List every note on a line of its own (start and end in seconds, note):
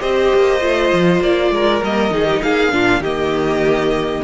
0.00 0.33 C4
0.00 0.61 G4
0.00 1.52 C5
0.00 1.22 D#5
0.35 0.62 A#3
0.61 0.92 A3
0.61 1.82 F4
0.93 1.21 F3
1.21 1.51 A#3
1.21 1.83 D5
1.51 1.82 G#3
1.51 2.14 A#4
1.83 2.11 G3
1.83 2.11 A#3
1.83 2.43 D#5
2.11 2.42 D#3
2.11 2.72 D#4
2.11 2.25 G#4
2.25 2.40 G4
2.43 2.73 A#3
2.43 2.74 G#4
2.43 3.03 F5
2.72 3.00 A#2
2.72 3.02 D4
2.72 3.02 F4
3.00 4.21 D#3
3.00 4.23 G4
3.00 4.24 D#5
3.07 4.24 A#3